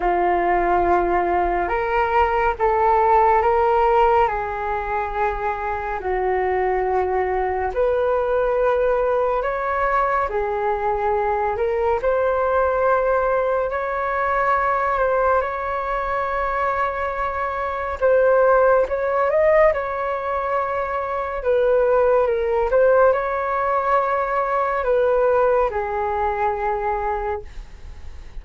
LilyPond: \new Staff \with { instrumentName = "flute" } { \time 4/4 \tempo 4 = 70 f'2 ais'4 a'4 | ais'4 gis'2 fis'4~ | fis'4 b'2 cis''4 | gis'4. ais'8 c''2 |
cis''4. c''8 cis''2~ | cis''4 c''4 cis''8 dis''8 cis''4~ | cis''4 b'4 ais'8 c''8 cis''4~ | cis''4 b'4 gis'2 | }